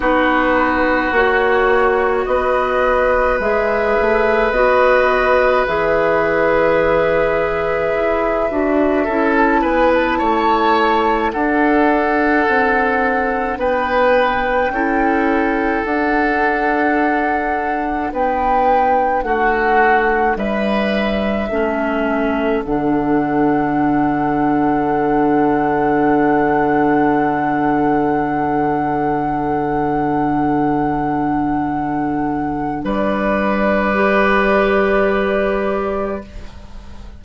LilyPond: <<
  \new Staff \with { instrumentName = "flute" } { \time 4/4 \tempo 4 = 53 b'4 cis''4 dis''4 e''4 | dis''4 e''2.~ | e''16 a''16 gis''16 a''4~ a''16 fis''2 | g''2 fis''2 |
g''4 fis''4 e''2 | fis''1~ | fis''1~ | fis''4 d''2. | }
  \new Staff \with { instrumentName = "oboe" } { \time 4/4 fis'2 b'2~ | b'1 | a'8 b'8 cis''4 a'2 | b'4 a'2. |
b'4 fis'4 b'4 a'4~ | a'1~ | a'1~ | a'4 b'2. | }
  \new Staff \with { instrumentName = "clarinet" } { \time 4/4 dis'4 fis'2 gis'4 | fis'4 gis'2~ gis'8 fis'8 | e'2 d'2~ | d'4 e'4 d'2~ |
d'2. cis'4 | d'1~ | d'1~ | d'2 g'2 | }
  \new Staff \with { instrumentName = "bassoon" } { \time 4/4 b4 ais4 b4 gis8 a8 | b4 e2 e'8 d'8 | cis'8 b8 a4 d'4 c'4 | b4 cis'4 d'2 |
b4 a4 g4 a4 | d1~ | d1~ | d4 g2. | }
>>